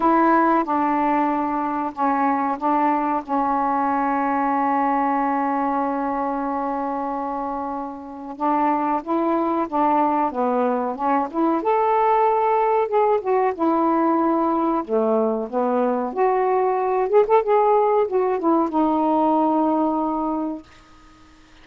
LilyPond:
\new Staff \with { instrumentName = "saxophone" } { \time 4/4 \tempo 4 = 93 e'4 d'2 cis'4 | d'4 cis'2.~ | cis'1~ | cis'4 d'4 e'4 d'4 |
b4 cis'8 e'8 a'2 | gis'8 fis'8 e'2 a4 | b4 fis'4. gis'16 a'16 gis'4 | fis'8 e'8 dis'2. | }